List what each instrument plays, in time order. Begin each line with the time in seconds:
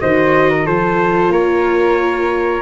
0.00 tuba D#3, viola F#4, flute C5, trumpet D#5
0.49 flute A#4
0.65 tuba F3, viola F4, flute A4, trumpet C5
1.29 tuba A#3, flute A#4, trumpet C#5